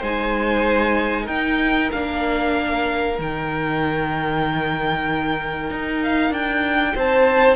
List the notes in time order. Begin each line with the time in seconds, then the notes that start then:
0.00 G#3 D#4 C5 G#5
1.24 D#4 A#4 G5
1.92 A#3 D4 F5
3.18 D#3 D#4 G5
5.71 D#4
6.04 F5
6.31 D4 G5
6.96 C4 C5 A5